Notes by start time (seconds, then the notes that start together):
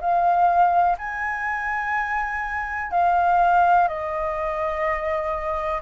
0.00 F5
0.98 G#5
2.91 F5
3.88 D#5